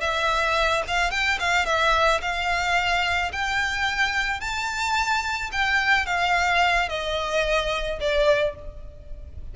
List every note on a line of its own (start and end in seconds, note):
0.00 0.83 E5
0.87 1.11 F5
1.11 1.38 G5
1.39 1.65 F5
1.65 2.20 E5
2.21 3.31 F5
3.32 4.40 G5
4.40 5.50 A5
5.52 6.06 G5
6.06 6.88 F5
6.89 7.99 D#5
8.00 8.55 D5